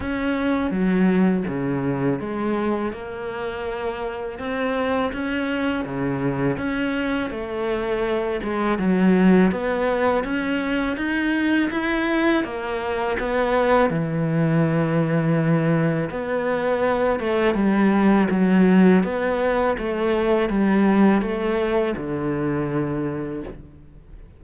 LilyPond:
\new Staff \with { instrumentName = "cello" } { \time 4/4 \tempo 4 = 82 cis'4 fis4 cis4 gis4 | ais2 c'4 cis'4 | cis4 cis'4 a4. gis8 | fis4 b4 cis'4 dis'4 |
e'4 ais4 b4 e4~ | e2 b4. a8 | g4 fis4 b4 a4 | g4 a4 d2 | }